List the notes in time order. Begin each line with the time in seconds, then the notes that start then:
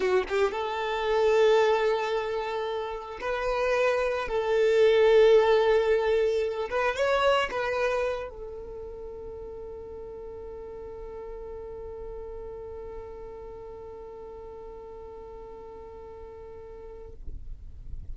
0.00 F#4
0.28 G4
0.51 A4
3.20 B4
4.28 A4
6.69 B4
6.96 C#5
7.50 B4
8.29 A4